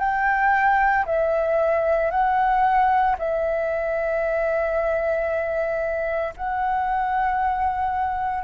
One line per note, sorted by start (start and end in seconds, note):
0.00 1.05 G5
1.06 2.11 E5
2.11 3.16 F#5
3.19 6.34 E5
6.37 8.44 F#5